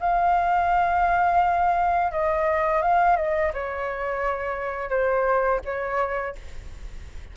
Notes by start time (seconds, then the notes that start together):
0.00 F5
2.12 D#5
2.82 F5
3.17 D#5
3.54 C#5
4.90 C5
5.65 C#5